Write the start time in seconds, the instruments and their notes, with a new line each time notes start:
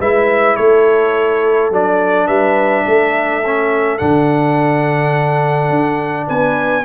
0.00 tuba G#3, trombone E4, horn B4, trumpet E5
0.57 tuba A3, horn A4, trumpet C#5
1.71 tuba F#3, trombone D4, trumpet D5
2.27 tuba G3, horn B4, trumpet E5
2.86 tuba A3, horn A4
3.45 trombone C#4
3.98 tuba D3, trombone D4, trumpet F#5
5.70 tuba D4
6.27 tuba B3, horn B4, trumpet G#5